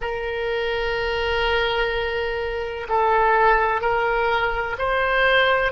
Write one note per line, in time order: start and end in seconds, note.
0.01 2.87 A#4
2.88 3.81 A4
3.81 4.76 A#4
4.78 5.71 C5